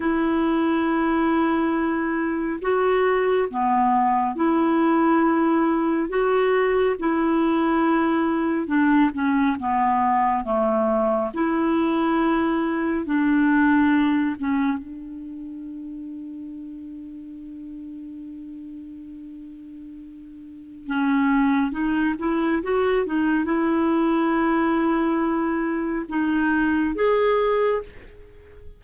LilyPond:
\new Staff \with { instrumentName = "clarinet" } { \time 4/4 \tempo 4 = 69 e'2. fis'4 | b4 e'2 fis'4 | e'2 d'8 cis'8 b4 | a4 e'2 d'4~ |
d'8 cis'8 d'2.~ | d'1 | cis'4 dis'8 e'8 fis'8 dis'8 e'4~ | e'2 dis'4 gis'4 | }